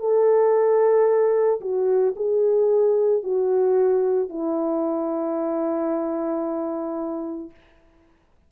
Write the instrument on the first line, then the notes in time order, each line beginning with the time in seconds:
horn
0.00 A4
1.61 F#4
2.17 G#4
3.24 F#4
4.30 E4